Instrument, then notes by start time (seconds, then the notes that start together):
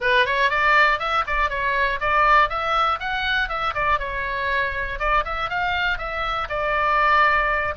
oboe
0.00 B4
0.25 C#5
0.50 D5
0.99 E5
1.26 D5
1.49 C#5
2.00 D5
2.49 E5
2.99 F#5
3.49 E5
3.74 D5
3.99 C#5
4.99 D5
5.25 E5
5.49 F5
5.97 E5
6.49 D5